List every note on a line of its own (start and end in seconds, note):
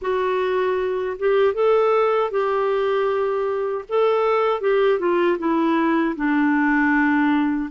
0.01 1.17 F#4
1.18 1.53 G4
1.53 2.30 A4
2.30 3.84 G4
3.88 4.60 A4
4.60 4.99 G4
4.99 5.37 F4
5.38 6.15 E4
6.16 7.70 D4